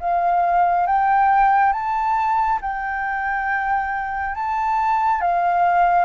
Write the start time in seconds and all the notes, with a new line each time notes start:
0.00 F5
0.87 G5
1.73 A5
2.62 G5
4.35 A5
5.21 F5